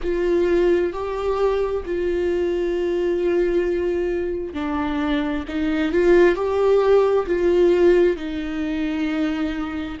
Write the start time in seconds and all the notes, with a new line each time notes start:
0.02 F4
0.93 G4
1.85 F4
4.53 D4
5.48 D#4
5.92 F4
6.35 G4
7.26 F4
8.16 D#4